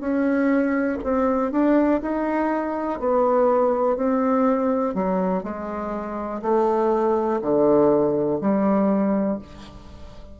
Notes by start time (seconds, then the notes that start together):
0.00 C#4
1.04 C4
1.52 D4
2.02 D#4
3.00 B3
3.97 C4
4.94 F#3
5.43 G#3
6.42 A3
7.42 D3
8.41 G3